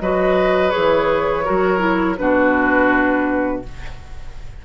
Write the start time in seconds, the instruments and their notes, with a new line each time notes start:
0.00 bassoon F#3, clarinet F#4, oboe B4, flute D#5
0.70 bassoon E3, clarinet G#4, flute C#5
1.44 bassoon F#3, clarinet F#4, oboe A#4
1.79 clarinet E4
2.17 bassoon B2, clarinet D4, oboe F#4, flute B4